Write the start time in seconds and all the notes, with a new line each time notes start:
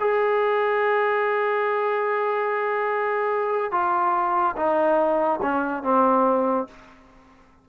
0.00 G#4
3.72 F4
4.56 D#4
5.42 C#4
5.83 C4